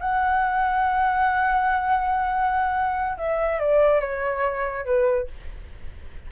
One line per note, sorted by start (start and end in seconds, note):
0.00 3.18 F#5
3.18 3.60 E5
3.60 4.01 D5
4.01 4.85 C#5
4.85 5.28 B4